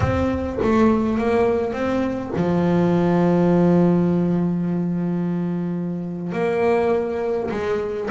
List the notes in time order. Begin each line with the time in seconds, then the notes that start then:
0.00 C4
0.62 A3
1.18 A#3
1.72 C4
2.36 F3
6.32 A#3
7.51 G#3